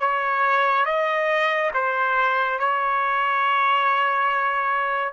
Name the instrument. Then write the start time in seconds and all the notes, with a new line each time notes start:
trumpet
0.00 C#5
0.86 D#5
1.74 C5
2.59 C#5